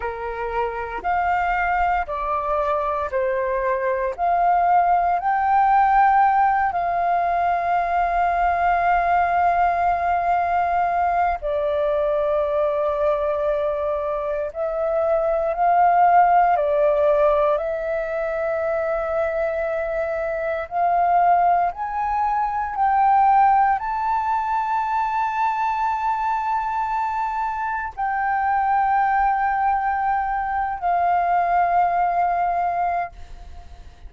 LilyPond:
\new Staff \with { instrumentName = "flute" } { \time 4/4 \tempo 4 = 58 ais'4 f''4 d''4 c''4 | f''4 g''4. f''4.~ | f''2. d''4~ | d''2 e''4 f''4 |
d''4 e''2. | f''4 gis''4 g''4 a''4~ | a''2. g''4~ | g''4.~ g''16 f''2~ f''16 | }